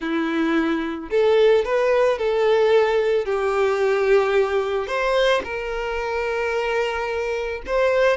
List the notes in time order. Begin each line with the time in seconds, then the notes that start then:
0.00 E4
1.10 A4
1.65 B4
2.18 A4
3.25 G4
4.87 C5
5.43 A#4
7.66 C5